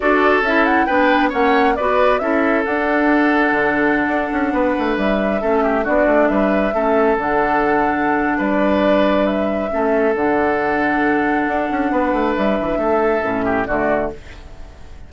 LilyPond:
<<
  \new Staff \with { instrumentName = "flute" } { \time 4/4 \tempo 4 = 136 d''4 e''8 fis''8 g''4 fis''4 | d''4 e''4 fis''2~ | fis''2.~ fis''16 e''8.~ | e''4~ e''16 d''4 e''4.~ e''16~ |
e''16 fis''2~ fis''8. d''4~ | d''4 e''2 fis''4~ | fis''1 | e''2. d''4 | }
  \new Staff \with { instrumentName = "oboe" } { \time 4/4 a'2 b'4 cis''4 | b'4 a'2.~ | a'2~ a'16 b'4.~ b'16~ | b'16 a'8 g'8 fis'4 b'4 a'8.~ |
a'2. b'4~ | b'2 a'2~ | a'2. b'4~ | b'4 a'4. g'8 fis'4 | }
  \new Staff \with { instrumentName = "clarinet" } { \time 4/4 fis'4 e'4 d'4 cis'4 | fis'4 e'4 d'2~ | d'1~ | d'16 cis'4 d'2 cis'8.~ |
cis'16 d'2.~ d'8.~ | d'2 cis'4 d'4~ | d'1~ | d'2 cis'4 a4 | }
  \new Staff \with { instrumentName = "bassoon" } { \time 4/4 d'4 cis'4 b4 ais4 | b4 cis'4 d'2 | d4~ d16 d'8 cis'8 b8 a8 g8.~ | g16 a4 b8 a8 g4 a8.~ |
a16 d2~ d8. g4~ | g2 a4 d4~ | d2 d'8 cis'8 b8 a8 | g8 e8 a4 a,4 d4 | }
>>